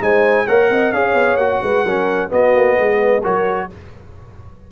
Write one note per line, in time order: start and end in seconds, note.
0.00 0.46 G#3
0.00 0.46 D#4
0.00 0.46 C5
0.00 0.47 G#5
0.46 0.69 A#3
0.46 0.93 A#4
0.46 0.69 C#5
0.46 0.92 F#5
0.69 0.92 C4
0.69 0.93 D#5
0.92 1.13 C#4
0.92 1.39 G#4
0.92 1.62 C#5
0.92 1.36 F5
1.13 1.36 B3
1.36 1.59 A#3
1.36 1.85 F#4
1.36 2.28 F#5
1.62 1.84 G#3
1.62 1.84 B4
1.84 2.30 F#3
1.84 2.29 C#4
1.84 2.30 A#4
2.29 3.21 B3
2.29 2.55 B3
2.29 2.78 F#4
2.29 3.24 D#5
2.55 2.78 A#3
2.78 3.24 G#3
2.78 3.22 B4
3.22 3.71 F#3
3.22 3.69 F#4
3.22 3.68 A#4
3.22 3.70 C#5